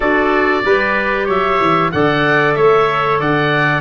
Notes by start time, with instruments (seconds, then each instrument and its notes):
0.00 tuba D4, clarinet F#4, trumpet A4, oboe D5
0.64 tuba G3, clarinet G4, trumpet B4
1.25 tuba F#3, trumpet C#5, oboe E5
1.61 tuba E3
1.91 tuba D3, clarinet A4, trumpet D5, oboe F#5
2.54 tuba A3, trumpet C#5, oboe E5
3.19 tuba D3, trumpet D5, oboe F#5